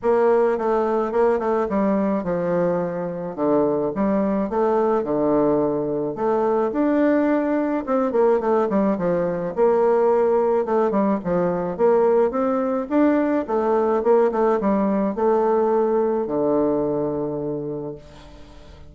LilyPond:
\new Staff \with { instrumentName = "bassoon" } { \time 4/4 \tempo 4 = 107 ais4 a4 ais8 a8 g4 | f2 d4 g4 | a4 d2 a4 | d'2 c'8 ais8 a8 g8 |
f4 ais2 a8 g8 | f4 ais4 c'4 d'4 | a4 ais8 a8 g4 a4~ | a4 d2. | }